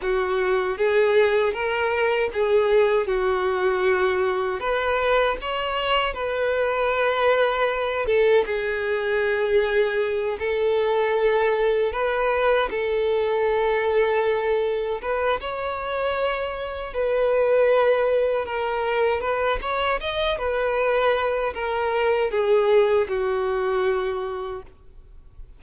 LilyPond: \new Staff \with { instrumentName = "violin" } { \time 4/4 \tempo 4 = 78 fis'4 gis'4 ais'4 gis'4 | fis'2 b'4 cis''4 | b'2~ b'8 a'8 gis'4~ | gis'4. a'2 b'8~ |
b'8 a'2. b'8 | cis''2 b'2 | ais'4 b'8 cis''8 dis''8 b'4. | ais'4 gis'4 fis'2 | }